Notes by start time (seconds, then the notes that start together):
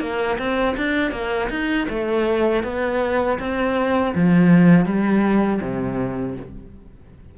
0.00 A#3
0.38 C4
0.77 D4
1.11 A#3
1.50 D#4
1.89 A3
2.63 B3
3.39 C4
4.15 F3
4.85 G3
5.61 C3